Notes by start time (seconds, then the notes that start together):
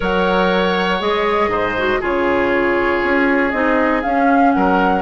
0.00 F#3 A#4 C#5 F#5
0.99 G#3 G#4 D#5
1.47 G#2 C5
1.77 F#4
2.00 C#3 F4 G#4 C#5
3.02 C#4
3.50 C4 D#4 D#5
4.01 C#4 F5
4.52 F#3 A#4 F#5